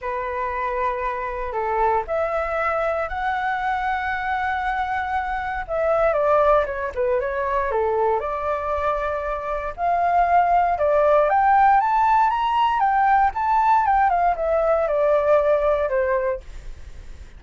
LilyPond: \new Staff \with { instrumentName = "flute" } { \time 4/4 \tempo 4 = 117 b'2. a'4 | e''2 fis''2~ | fis''2. e''4 | d''4 cis''8 b'8 cis''4 a'4 |
d''2. f''4~ | f''4 d''4 g''4 a''4 | ais''4 g''4 a''4 g''8 f''8 | e''4 d''2 c''4 | }